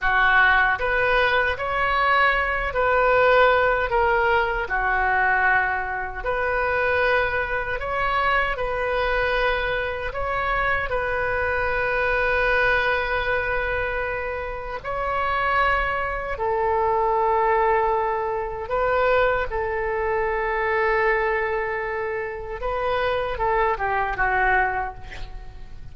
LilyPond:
\new Staff \with { instrumentName = "oboe" } { \time 4/4 \tempo 4 = 77 fis'4 b'4 cis''4. b'8~ | b'4 ais'4 fis'2 | b'2 cis''4 b'4~ | b'4 cis''4 b'2~ |
b'2. cis''4~ | cis''4 a'2. | b'4 a'2.~ | a'4 b'4 a'8 g'8 fis'4 | }